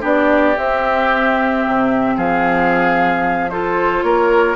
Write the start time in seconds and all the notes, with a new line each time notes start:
0.00 B3 D4 G4 D5
0.57 C4 E5
1.67 C3
2.16 F3 G#4 F5
3.49 F4 A4 C5
4.02 A#3 A#4 C#5